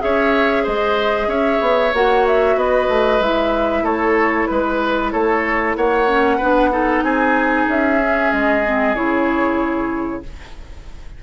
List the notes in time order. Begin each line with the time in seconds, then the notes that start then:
0.00 C#4 G#4 C#5 E5
0.64 G#3 C5 D#5
1.28 C#4 C#5 E5
1.61 B3
1.94 A#3 F#4 F#5
2.27 E5
2.56 B3 B4 D#5
2.89 A3
3.20 G#3 E4 E5
3.83 A3 A4 C#5
4.47 G#3 B4
5.12 A3 A4 C#5
5.76 A#3 C#5 F#5
6.08 C#4
6.38 B3 D4 B4
6.72 D#4 A4
7.03 C4 G#4 G#5
7.68 C#4 E5
8.01 C#4
8.32 G#3 D#5
8.65 C4
8.95 C#3 E4 C#5